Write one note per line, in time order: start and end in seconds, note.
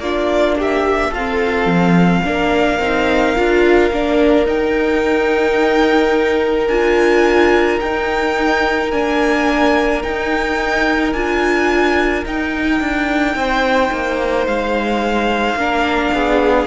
0.00 1.11 A#3
0.00 1.14 D4
0.00 0.58 F4
0.00 0.56 D5
0.58 1.10 G4
0.58 1.14 E5
1.10 1.66 F4
1.10 2.21 A4
1.10 4.47 F5
1.16 2.25 C4
1.66 2.21 F3
2.25 2.79 A#3
2.25 2.80 D4
2.25 13.38 A#4
2.79 3.35 C4
2.79 3.36 D#4
3.36 3.91 D4
3.36 3.92 F4
3.91 4.45 A#3
3.91 4.46 D4
4.45 6.68 D#4
4.45 6.69 D#4
4.45 6.68 G5
6.68 7.79 D4
6.68 7.81 F4
6.68 7.79 G#5
7.81 8.92 D#4
7.81 8.91 G5
8.91 10.03 A#3
8.91 10.03 D4
8.91 10.03 G#5
10.03 11.13 D#4
10.03 11.14 D#4
10.03 11.13 G5
11.13 12.25 D4
11.13 12.25 F4
11.13 12.24 G#5
12.25 15.58 D#4
12.25 12.81 D#4
12.25 14.47 G5
12.81 13.35 D4
13.35 13.91 C4
13.35 15.59 C5
13.92 14.47 A#3
14.47 15.54 G#3
14.47 16.67 F5
15.54 16.10 A#3
15.54 16.67 D4
15.54 16.14 A#4
16.14 16.67 B3
16.14 16.67 G#4